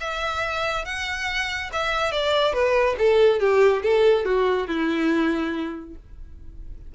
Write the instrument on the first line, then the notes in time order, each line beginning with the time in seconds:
violin
0.00 E5
0.85 F#5
1.73 E5
2.12 D5
2.53 B4
2.98 A4
3.39 G4
3.82 A4
4.25 F#4
4.67 E4